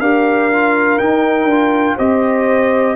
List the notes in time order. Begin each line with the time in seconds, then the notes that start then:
0.00 D4 G4 A#4 F5
0.52 F4
0.99 D#4 G5
1.45 D4
1.51 F4
1.97 C4 G4 C5 D#5